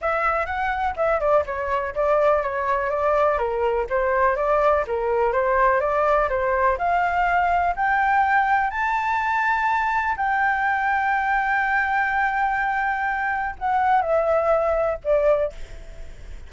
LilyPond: \new Staff \with { instrumentName = "flute" } { \time 4/4 \tempo 4 = 124 e''4 fis''4 e''8 d''8 cis''4 | d''4 cis''4 d''4 ais'4 | c''4 d''4 ais'4 c''4 | d''4 c''4 f''2 |
g''2 a''2~ | a''4 g''2.~ | g''1 | fis''4 e''2 d''4 | }